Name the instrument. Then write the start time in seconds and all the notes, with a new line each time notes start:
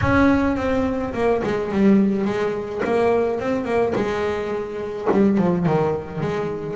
double bass
0.01 C#4
0.56 C4
1.13 A#3
1.43 G#3
1.72 G3
2.25 G#3
2.84 A#3
3.39 C4
3.65 A#3
3.95 G#3
5.11 G3
5.37 F3
5.66 D#3
6.20 G#3